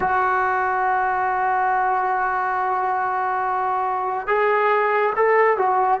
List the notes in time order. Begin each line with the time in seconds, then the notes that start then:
0.00 F#4
4.27 G#4
5.16 A4
5.57 F#4